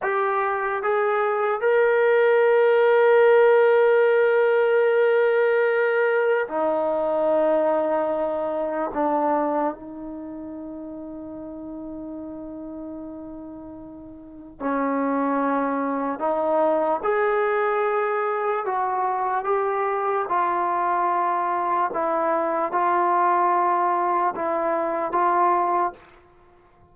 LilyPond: \new Staff \with { instrumentName = "trombone" } { \time 4/4 \tempo 4 = 74 g'4 gis'4 ais'2~ | ais'1 | dis'2. d'4 | dis'1~ |
dis'2 cis'2 | dis'4 gis'2 fis'4 | g'4 f'2 e'4 | f'2 e'4 f'4 | }